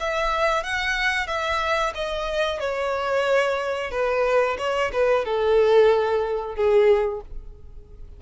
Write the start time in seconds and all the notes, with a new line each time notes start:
0.00 E5
0.64 F#5
1.27 E5
1.95 D#5
2.60 C#5
3.91 B4
4.58 C#5
4.93 B4
5.25 A4
6.55 G#4